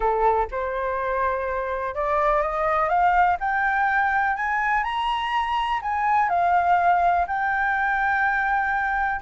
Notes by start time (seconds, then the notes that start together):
0.00 A4
0.51 C5
1.94 D5
2.42 D#5
2.88 F5
3.40 G5
4.36 G#5
4.83 A#5
5.82 G#5
6.29 F5
7.27 G5